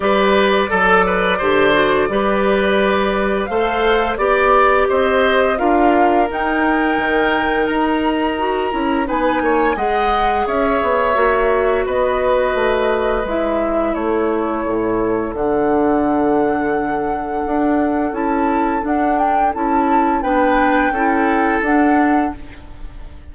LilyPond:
<<
  \new Staff \with { instrumentName = "flute" } { \time 4/4 \tempo 4 = 86 d''1~ | d''4 f''4 d''4 dis''4 | f''4 g''2 ais''4~ | ais''4 gis''4 fis''4 e''4~ |
e''4 dis''2 e''4 | cis''2 fis''2~ | fis''2 a''4 fis''8 g''8 | a''4 g''2 fis''4 | }
  \new Staff \with { instrumentName = "oboe" } { \time 4/4 b'4 a'8 b'8 c''4 b'4~ | b'4 c''4 d''4 c''4 | ais'1~ | ais'4 b'8 cis''8 dis''4 cis''4~ |
cis''4 b'2. | a'1~ | a'1~ | a'4 b'4 a'2 | }
  \new Staff \with { instrumentName = "clarinet" } { \time 4/4 g'4 a'4 g'8 fis'8 g'4~ | g'4 a'4 g'2 | f'4 dis'2. | fis'8 e'8 dis'4 gis'2 |
fis'2. e'4~ | e'2 d'2~ | d'2 e'4 d'4 | e'4 d'4 e'4 d'4 | }
  \new Staff \with { instrumentName = "bassoon" } { \time 4/4 g4 fis4 d4 g4~ | g4 a4 b4 c'4 | d'4 dis'4 dis4 dis'4~ | dis'8 cis'8 b8 ais8 gis4 cis'8 b8 |
ais4 b4 a4 gis4 | a4 a,4 d2~ | d4 d'4 cis'4 d'4 | cis'4 b4 cis'4 d'4 | }
>>